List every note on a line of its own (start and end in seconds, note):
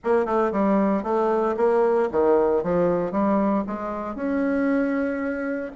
0.04 0.25 A#3
0.25 0.51 A3
0.52 1.03 G3
1.03 1.55 A3
1.57 2.09 A#3
2.11 2.63 D#3
2.63 3.11 F3
3.11 3.64 G3
3.66 4.15 G#3
4.15 5.71 C#4